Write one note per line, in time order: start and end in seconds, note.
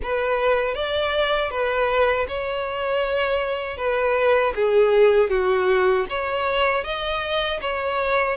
0.02 0.74 B4
0.74 1.50 D5
1.50 2.26 B4
2.28 3.77 C#5
3.77 4.53 B4
4.55 5.30 G#4
5.30 6.06 F#4
6.09 6.84 C#5
6.84 7.59 D#5
7.61 8.36 C#5